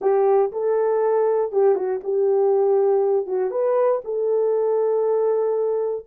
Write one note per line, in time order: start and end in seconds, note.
0.01 0.51 G4
0.52 1.52 A4
1.52 1.75 G4
1.75 2.00 F#4
2.03 3.26 G4
3.26 3.50 F#4
3.50 4.01 B4
4.04 6.05 A4